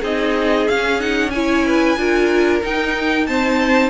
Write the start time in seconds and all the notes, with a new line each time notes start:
0.00 C4 D#4 G#4 D#5
0.68 C#4 F5
0.99 D#4 F#5
1.30 E4 C#5 G#5
1.66 B4
1.97 D4 F4 A#4
2.62 D#4 G5
3.26 C4 C5 A5